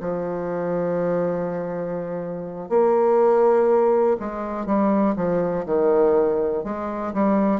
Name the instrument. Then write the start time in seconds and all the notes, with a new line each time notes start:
bassoon
0.00 F3
2.69 A#3
4.19 G#3
4.66 G3
5.16 F3
5.65 D#3
6.63 G#3
7.14 G3